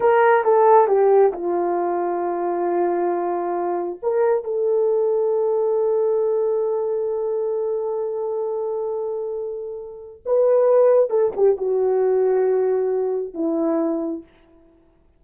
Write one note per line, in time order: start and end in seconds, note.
0.00 0.43 A#4
0.44 0.87 A4
0.87 1.32 G4
1.32 3.99 F4
4.02 4.44 A#4
4.44 10.22 A4
10.25 11.09 B4
11.09 11.32 A4
11.36 11.57 G4
11.57 13.34 F#4
13.34 14.23 E4